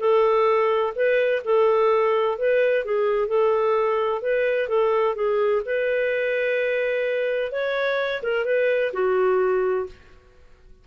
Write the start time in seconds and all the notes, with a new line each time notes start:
0.00 A4
0.95 B4
1.45 A4
2.38 B4
2.85 G#4
3.28 A4
4.22 B4
4.69 A4
5.16 G#4
5.66 B4
7.52 C#5
8.23 A#4
8.45 B4
8.93 F#4